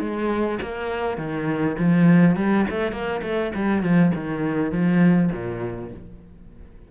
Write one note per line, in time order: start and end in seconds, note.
0.00 0.59 G#3
0.62 1.17 A#3
1.17 1.76 D#3
1.79 2.36 F3
2.36 2.66 G3
2.70 2.92 A3
2.92 3.21 A#3
3.23 3.52 A3
3.55 3.83 G3
3.83 4.12 F3
4.15 4.71 D#3
4.71 5.30 F3
5.32 5.91 A#2